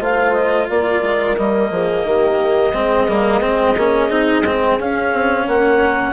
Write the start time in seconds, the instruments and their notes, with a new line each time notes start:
0.00 bassoon A3, cello F4, horn C5, clarinet F5
0.33 clarinet D#5
0.70 bassoon A#3, horn A#4, clarinet D5
1.02 bassoon G#3
1.37 bassoon G3, cello A#3, clarinet D#5
1.71 bassoon F3, horn G#4
2.04 bassoon D#3, horn G4
2.73 bassoon G#3, cello C4, horn G#4
3.08 bassoon G3, cello A#3
3.41 bassoon G#3, cello C4
3.77 bassoon A#3, cello C#4
4.09 bassoon C4, cello D#4
4.43 bassoon G#3, cello C4
4.80 cello C#4, bassoon C#4, clarinet F5
5.13 bassoon C4
5.47 bassoon A#3, horn A#4, clarinet F#5